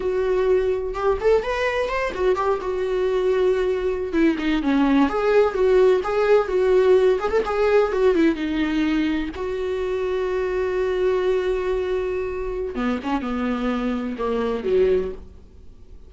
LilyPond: \new Staff \with { instrumentName = "viola" } { \time 4/4 \tempo 4 = 127 fis'2 g'8 a'8 b'4 | c''8 fis'8 g'8 fis'2~ fis'8~ | fis'8. e'8 dis'8 cis'4 gis'4 fis'16~ | fis'8. gis'4 fis'4. gis'16 a'16 gis'16~ |
gis'8. fis'8 e'8 dis'2 fis'16~ | fis'1~ | fis'2. b8 cis'8 | b2 ais4 fis4 | }